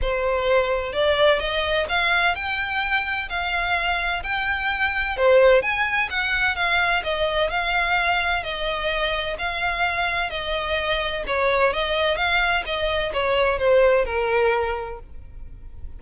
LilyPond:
\new Staff \with { instrumentName = "violin" } { \time 4/4 \tempo 4 = 128 c''2 d''4 dis''4 | f''4 g''2 f''4~ | f''4 g''2 c''4 | gis''4 fis''4 f''4 dis''4 |
f''2 dis''2 | f''2 dis''2 | cis''4 dis''4 f''4 dis''4 | cis''4 c''4 ais'2 | }